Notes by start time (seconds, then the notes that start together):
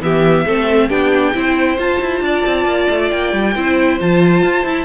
0.00 E3 B3 G4 E5
0.45 A3 C4 A4
0.89 B3 D4 G4 G5
1.33 C4 E4 C5
1.77 F4 A5
2.00 E4
2.21 D4 D5
2.46 C4
2.65 A#3
2.90 A3
3.10 A#3 G5
3.33 G3
3.54 C4 E4 C5
3.99 F3 F4 A5
4.42 F4
4.64 E4